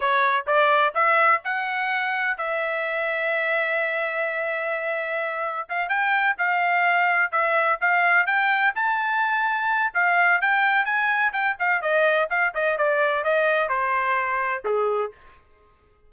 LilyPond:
\new Staff \with { instrumentName = "trumpet" } { \time 4/4 \tempo 4 = 127 cis''4 d''4 e''4 fis''4~ | fis''4 e''2.~ | e''1 | f''8 g''4 f''2 e''8~ |
e''8 f''4 g''4 a''4.~ | a''4 f''4 g''4 gis''4 | g''8 f''8 dis''4 f''8 dis''8 d''4 | dis''4 c''2 gis'4 | }